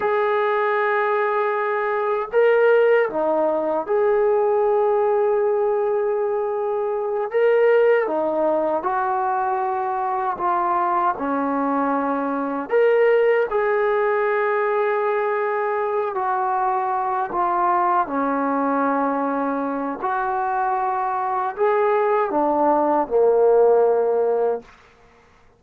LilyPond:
\new Staff \with { instrumentName = "trombone" } { \time 4/4 \tempo 4 = 78 gis'2. ais'4 | dis'4 gis'2.~ | gis'4. ais'4 dis'4 fis'8~ | fis'4. f'4 cis'4.~ |
cis'8 ais'4 gis'2~ gis'8~ | gis'4 fis'4. f'4 cis'8~ | cis'2 fis'2 | gis'4 d'4 ais2 | }